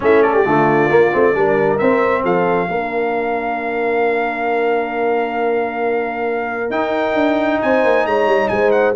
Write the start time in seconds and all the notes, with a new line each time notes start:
0.00 A3 C#4 E4 E5
0.22 A4 D5
0.34 G4
0.45 D3 A3 F4
0.88 A#3
1.12 A3 C4
1.34 G3 D4 A#4
1.78 C4 E5
2.23 F3 A4 F5
2.68 A#3 D4 A#4
6.70 D#4 G5
7.14 D4
7.61 C4 C5 G#5
7.84 A#3
8.05 G#3 C#5 A#5
8.26 G3
8.48 G#3 C5 G#5
8.71 F#5